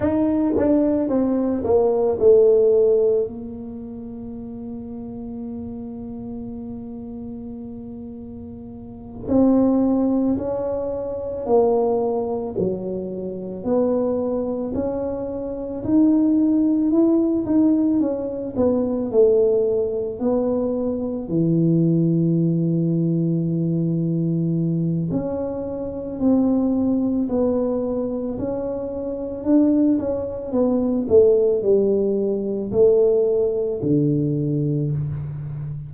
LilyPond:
\new Staff \with { instrumentName = "tuba" } { \time 4/4 \tempo 4 = 55 dis'8 d'8 c'8 ais8 a4 ais4~ | ais1~ | ais8 c'4 cis'4 ais4 fis8~ | fis8 b4 cis'4 dis'4 e'8 |
dis'8 cis'8 b8 a4 b4 e8~ | e2. cis'4 | c'4 b4 cis'4 d'8 cis'8 | b8 a8 g4 a4 d4 | }